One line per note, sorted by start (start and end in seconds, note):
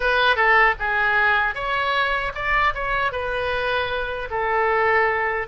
0.00 0.35 B4
0.35 0.74 A4
0.79 1.54 G#4
1.54 2.32 C#5
2.34 2.73 D5
2.74 3.12 C#5
3.12 4.29 B4
4.30 5.47 A4